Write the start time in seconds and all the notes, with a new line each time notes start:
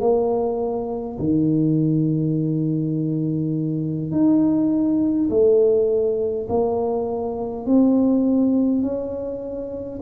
0.00 A#3
1.19 D#3
4.11 D#4
5.29 A3
6.49 A#3
7.66 C4
8.82 C#4